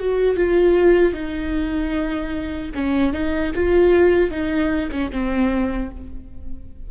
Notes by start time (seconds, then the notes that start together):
0.00 F#4
0.36 F4
1.14 D#4
2.75 C#4
3.13 D#4
3.55 F4
4.31 D#4
4.92 C#4
5.12 C4